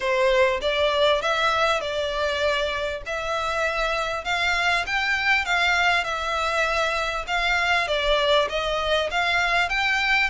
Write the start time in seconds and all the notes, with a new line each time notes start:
0.00 C5
0.61 D5
1.21 E5
1.80 D5
3.06 E5
4.24 F5
4.86 G5
5.45 F5
6.04 E5
7.27 F5
7.87 D5
8.49 D#5
9.10 F5
9.69 G5